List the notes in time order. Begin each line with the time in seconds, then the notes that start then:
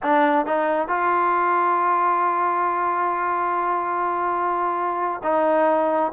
0.02 D4
0.45 D#4
0.88 F4
5.23 D#4